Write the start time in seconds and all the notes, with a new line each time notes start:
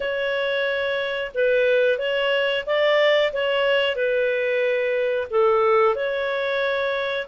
0.00 C#5
1.34 B4
1.98 C#5
2.66 D5
3.32 C#5
3.95 B4
5.30 A4
5.95 C#5